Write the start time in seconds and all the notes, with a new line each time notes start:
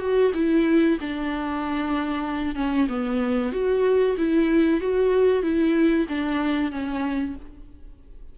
0.00 F#4
0.34 E4
1.01 D4
2.56 C#4
2.89 B3
3.52 F#4
4.18 E4
4.81 F#4
5.43 E4
6.09 D4
6.72 C#4